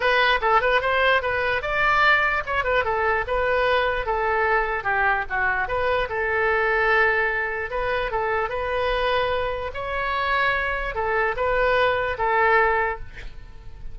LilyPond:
\new Staff \with { instrumentName = "oboe" } { \time 4/4 \tempo 4 = 148 b'4 a'8 b'8 c''4 b'4 | d''2 cis''8 b'8 a'4 | b'2 a'2 | g'4 fis'4 b'4 a'4~ |
a'2. b'4 | a'4 b'2. | cis''2. a'4 | b'2 a'2 | }